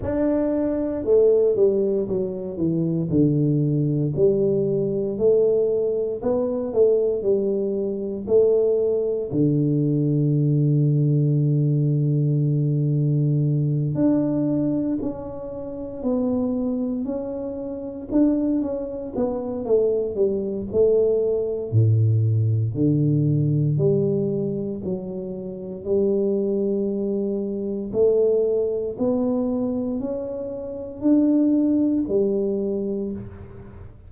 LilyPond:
\new Staff \with { instrumentName = "tuba" } { \time 4/4 \tempo 4 = 58 d'4 a8 g8 fis8 e8 d4 | g4 a4 b8 a8 g4 | a4 d2.~ | d4. d'4 cis'4 b8~ |
b8 cis'4 d'8 cis'8 b8 a8 g8 | a4 a,4 d4 g4 | fis4 g2 a4 | b4 cis'4 d'4 g4 | }